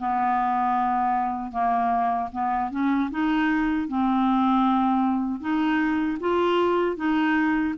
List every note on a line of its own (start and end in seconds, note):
0.00 1.52 B3
1.52 2.30 A#3
2.33 2.71 B3
2.71 3.10 C#4
3.11 3.89 D#4
3.89 5.41 C4
5.41 6.19 D#4
6.21 6.97 F4
6.97 7.75 D#4